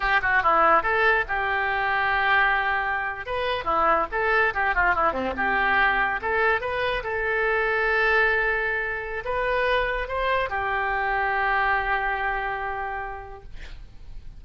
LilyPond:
\new Staff \with { instrumentName = "oboe" } { \time 4/4 \tempo 4 = 143 g'8 fis'8 e'4 a'4 g'4~ | g'2.~ g'8. b'16~ | b'8. e'4 a'4 g'8 f'8 e'16~ | e'16 c'8 g'2 a'4 b'16~ |
b'8. a'2.~ a'16~ | a'2 b'2 | c''4 g'2.~ | g'1 | }